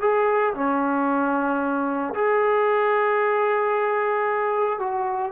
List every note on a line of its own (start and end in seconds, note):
0.00 0.53 G#4
0.54 2.14 C#4
2.14 4.79 G#4
4.79 5.31 F#4